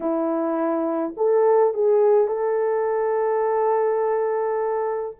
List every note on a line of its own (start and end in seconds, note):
0.00 1.14 E4
1.16 1.74 A4
1.74 2.27 G#4
2.27 5.16 A4